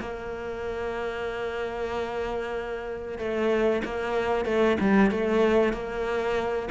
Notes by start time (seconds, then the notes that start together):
0.00 A#3
3.18 A3
3.84 A#3
4.45 A3
4.80 G3
5.11 A3
5.73 A#3